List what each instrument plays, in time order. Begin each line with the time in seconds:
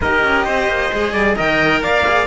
0.01 cello D#4 G4, trumpet A#4, violin D#5
0.23 cello C#4
0.45 cello C4, trumpet C5
0.68 cello A#3
0.92 cello G#3 G#4
1.12 cello G3, trumpet D5
1.36 cello D#3 A#4, trumpet D#5, violin G5
1.82 cello A#3, trumpet D5, violin F5
2.07 cello G#4